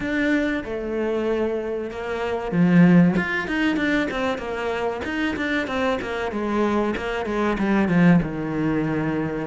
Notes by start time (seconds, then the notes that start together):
0.00 D4
0.64 A3
1.90 A#3
2.51 F3
3.16 F4
3.47 D#4
3.76 D4
4.10 C4
4.38 A#3
5.04 D#4
5.36 D4
5.67 C4
6.01 A#3
6.31 G#3
6.96 A#3
7.25 G#3
7.58 G3
7.88 F3
8.22 D#3